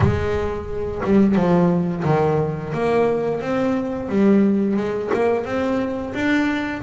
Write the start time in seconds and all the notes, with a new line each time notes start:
0.00 G#3
1.04 G3
1.35 F3
2.04 D#3
2.73 A#3
3.41 C4
4.08 G3
4.76 G#3
5.13 A#3
5.45 C4
6.14 D4